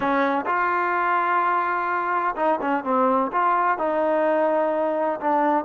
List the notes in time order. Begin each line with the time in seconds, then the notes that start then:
0.00 C#4
0.46 F4
2.35 D#4
2.61 C#4
2.83 C4
3.32 F4
3.78 D#4
5.20 D4